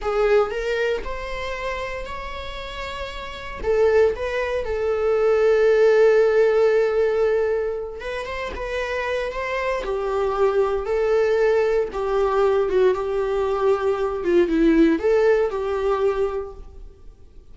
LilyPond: \new Staff \with { instrumentName = "viola" } { \time 4/4 \tempo 4 = 116 gis'4 ais'4 c''2 | cis''2. a'4 | b'4 a'2.~ | a'2.~ a'8 b'8 |
c''8 b'4. c''4 g'4~ | g'4 a'2 g'4~ | g'8 fis'8 g'2~ g'8 f'8 | e'4 a'4 g'2 | }